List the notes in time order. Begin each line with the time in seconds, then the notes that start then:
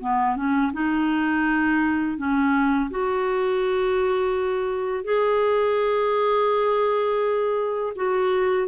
0.00 B3
0.35 C#4
0.72 D#4
2.17 C#4
2.90 F#4
5.03 G#4
7.95 F#4